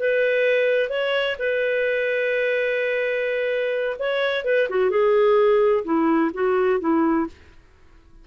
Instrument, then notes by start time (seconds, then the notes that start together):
clarinet
0.00 B4
0.90 C#5
1.40 B4
4.00 C#5
4.45 B4
4.70 F#4
4.91 G#4
5.85 E4
6.34 F#4
6.81 E4